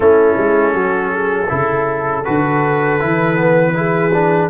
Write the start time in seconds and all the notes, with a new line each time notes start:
0.00 A3 C#4 E4 A4
0.37 G#3
0.73 F#3 F#4
1.13 G#4
1.48 C#3 E4 A4
2.24 D3 F#4 B4
2.99 E3 E4
3.35 B3
3.73 E4 G#4
4.13 D4